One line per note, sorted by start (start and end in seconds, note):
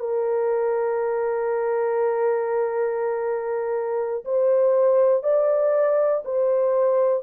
0.00 4.25 A#4
4.25 5.24 C5
5.24 6.24 D5
6.25 7.24 C5